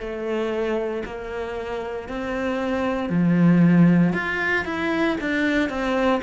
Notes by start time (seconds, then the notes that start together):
0.00 A3
1.05 A#3
2.09 C4
3.10 F3
4.13 F4
4.66 E4
5.21 D4
5.70 C4